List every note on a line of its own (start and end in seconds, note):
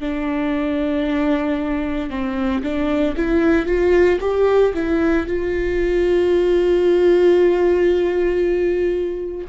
0.00 2.10 D4
2.10 2.62 C4
2.63 3.15 D4
3.16 3.66 E4
3.66 4.19 F4
4.21 4.73 G4
4.74 5.27 E4
5.27 9.48 F4